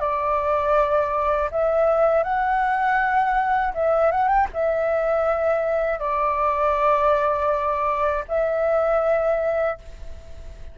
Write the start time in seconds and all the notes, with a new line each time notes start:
0.00 D5
1.51 E5
2.23 F#5
3.74 E5
4.11 F#5
4.28 G5
4.53 E5
5.99 D5
8.28 E5